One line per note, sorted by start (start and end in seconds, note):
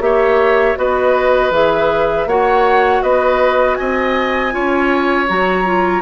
0.00 0.75 A#3
0.00 0.76 G4
0.00 0.79 C#5
0.00 0.77 E5
0.76 1.51 B3
0.76 1.51 F#4
0.76 2.28 B4
0.76 1.53 D#5
1.51 2.26 E3
1.51 2.27 G#4
1.51 2.28 E5
2.26 3.01 A#3
2.26 4.52 F#4
2.26 3.03 C#5
2.26 3.03 F#5
3.02 3.77 B3
3.02 3.78 B4
3.02 3.76 D#5
3.76 4.55 C4
3.76 4.54 D#5
3.76 5.26 G#5
4.52 5.30 C#4
4.52 5.27 F4
4.52 6.02 C#5
5.28 6.02 F#3
5.28 5.65 F#4
5.28 6.02 A#5
5.65 6.02 F4